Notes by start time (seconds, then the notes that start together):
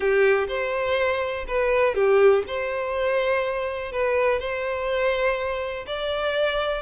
0.00 G4
0.48 C5
1.47 B4
1.94 G4
2.47 C5
3.92 B4
4.39 C5
5.86 D5